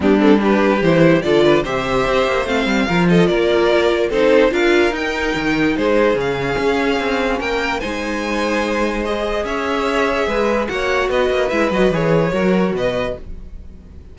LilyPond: <<
  \new Staff \with { instrumentName = "violin" } { \time 4/4 \tempo 4 = 146 g'8 a'8 b'4 c''4 d''4 | e''2 f''4. dis''8 | d''2 c''4 f''4 | g''2 c''4 f''4~ |
f''2 g''4 gis''4~ | gis''2 dis''4 e''4~ | e''2 fis''4 dis''4 | e''8 dis''8 cis''2 dis''4 | }
  \new Staff \with { instrumentName = "violin" } { \time 4/4 d'4 g'2 a'8 b'8 | c''2. ais'8 a'8 | ais'2 a'4 ais'4~ | ais'2 gis'2~ |
gis'2 ais'4 c''4~ | c''2. cis''4~ | cis''4 b'4 cis''4 b'4~ | b'2 ais'4 b'4 | }
  \new Staff \with { instrumentName = "viola" } { \time 4/4 b8 c'8 d'4 e'4 f'4 | g'2 c'4 f'4~ | f'2 dis'4 f'4 | dis'2. cis'4~ |
cis'2. dis'4~ | dis'2 gis'2~ | gis'2 fis'2 | e'8 fis'8 gis'4 fis'2 | }
  \new Staff \with { instrumentName = "cello" } { \time 4/4 g2 e4 d4 | c4 c'8 ais8 a8 g8 f4 | ais2 c'4 d'4 | dis'4 dis4 gis4 cis4 |
cis'4 c'4 ais4 gis4~ | gis2. cis'4~ | cis'4 gis4 ais4 b8 ais8 | gis8 fis8 e4 fis4 b,4 | }
>>